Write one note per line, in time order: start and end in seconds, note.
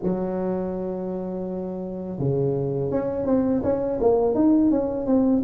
0.02 2.18 F#3
2.18 2.90 C#3
2.90 3.25 C#4
3.25 3.61 C4
3.63 3.99 C#4
4.00 4.34 A#3
4.34 4.70 D#4
4.70 5.06 C#4
5.06 5.42 C4